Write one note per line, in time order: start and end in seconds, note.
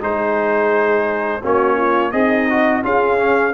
0.00 1.42 G#3
0.00 1.41 D#4
0.00 1.42 G#4
0.00 1.44 C5
1.42 2.13 A#3
1.42 2.12 C#4
1.42 1.77 F#4
1.42 2.11 C#5
1.77 2.12 F4
2.11 2.83 C4
2.11 2.84 D#4
2.11 2.48 G#4
2.11 2.82 D#5
2.50 2.83 F#4
2.83 3.54 C#4
2.83 3.18 F4
2.83 3.54 G#4
2.83 3.54 F5
3.18 3.53 C#4